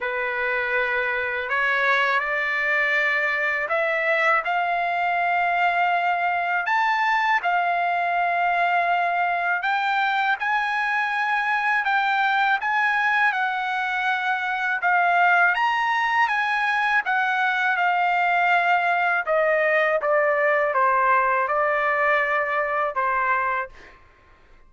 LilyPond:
\new Staff \with { instrumentName = "trumpet" } { \time 4/4 \tempo 4 = 81 b'2 cis''4 d''4~ | d''4 e''4 f''2~ | f''4 a''4 f''2~ | f''4 g''4 gis''2 |
g''4 gis''4 fis''2 | f''4 ais''4 gis''4 fis''4 | f''2 dis''4 d''4 | c''4 d''2 c''4 | }